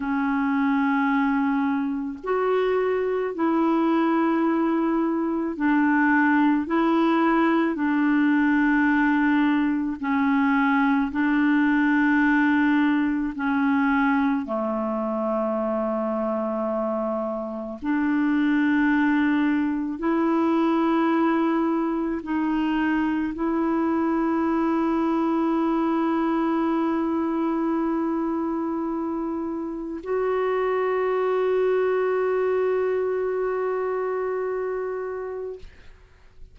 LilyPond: \new Staff \with { instrumentName = "clarinet" } { \time 4/4 \tempo 4 = 54 cis'2 fis'4 e'4~ | e'4 d'4 e'4 d'4~ | d'4 cis'4 d'2 | cis'4 a2. |
d'2 e'2 | dis'4 e'2.~ | e'2. fis'4~ | fis'1 | }